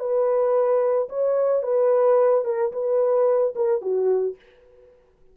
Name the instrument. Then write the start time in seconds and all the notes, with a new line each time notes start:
horn
0.00 B4
1.09 C#5
1.63 B4
2.45 A#4
2.73 B4
3.56 A#4
3.82 F#4